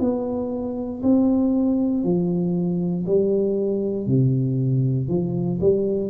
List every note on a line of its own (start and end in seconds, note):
0.00 1.02 B3
1.03 2.04 C4
2.04 3.06 F3
3.06 4.07 G3
4.07 5.08 C3
5.08 5.59 F3
5.61 6.10 G3